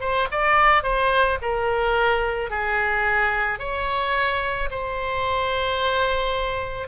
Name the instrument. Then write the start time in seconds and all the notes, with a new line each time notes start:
oboe
0.00 C5
0.31 D5
0.83 C5
1.42 A#4
2.50 G#4
3.59 C#5
4.70 C5